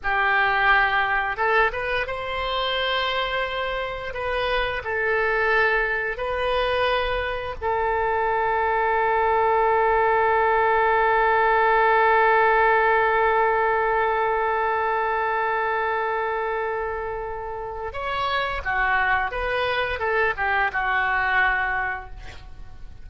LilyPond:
\new Staff \with { instrumentName = "oboe" } { \time 4/4 \tempo 4 = 87 g'2 a'8 b'8 c''4~ | c''2 b'4 a'4~ | a'4 b'2 a'4~ | a'1~ |
a'1~ | a'1~ | a'2 cis''4 fis'4 | b'4 a'8 g'8 fis'2 | }